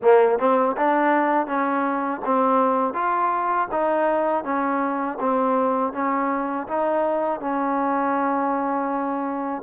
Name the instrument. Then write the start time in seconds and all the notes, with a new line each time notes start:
trombone
0.02 A#3
0.38 C4
0.76 D4
1.46 C#4
2.25 C4
2.93 F4
3.71 D#4
4.43 C#4
5.20 C4
5.93 C#4
6.67 D#4
7.40 C#4